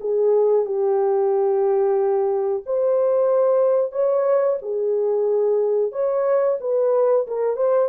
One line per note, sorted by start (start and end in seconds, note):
0.00 0.65 G#4
0.65 2.63 G4
2.66 3.92 C5
3.92 4.58 C#5
4.62 5.92 G#4
5.92 6.58 C#5
6.60 7.26 B4
7.26 7.56 A#4
7.56 7.89 C5